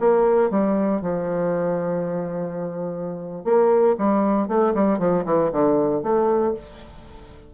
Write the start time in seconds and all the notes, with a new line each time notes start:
0.00 A#3
0.51 G3
1.02 F3
3.45 A#3
3.99 G3
4.48 A3
4.75 G3
4.99 F3
5.26 E3
5.52 D3
6.03 A3